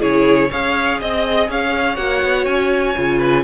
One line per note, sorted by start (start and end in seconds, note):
0.00 0.51 C#3
0.00 0.49 E4
0.00 0.49 G#4
0.00 0.51 C#5
0.51 1.02 C#4
0.51 1.98 G#4
0.51 1.00 C#5
0.51 1.01 F5
1.00 1.49 C4
1.00 1.50 D#5
1.00 1.51 D#5
1.49 1.98 C#4
1.49 3.19 C#5
1.49 1.97 F5
1.97 2.22 A#3
1.97 2.96 F#4
1.97 2.46 F#5
2.23 2.46 B3
2.46 2.95 C#4
2.46 3.44 G#5
2.96 3.44 C#3
2.96 3.44 F4
3.19 3.44 B4